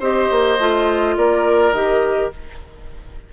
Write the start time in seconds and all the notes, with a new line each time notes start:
0.00 C4 G4 C5 D#5
0.31 A#3
0.59 A3 F4
1.17 A#3 A#4 D5
1.73 D#3 G4 D#5